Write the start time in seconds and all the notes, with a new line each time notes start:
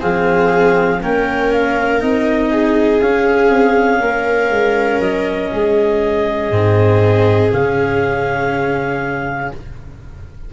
0.00 F3 C4 G#4 F5
1.02 A#3 C#4 A#4 G5
1.52 F5
2.00 C4 D#4 D#5
2.51 G#4
3.00 C#4 F5
3.50 C4
4.01 A#3 A#4
4.51 G#3
5.00 F#3 D#5
5.53 G#3 G#4
6.51 G#2 C4
7.52 C#3 C#4 F5